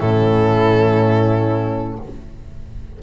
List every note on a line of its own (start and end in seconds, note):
0.00 1.99 A2
0.00 2.03 C#4
0.00 1.98 E4
0.00 1.98 A4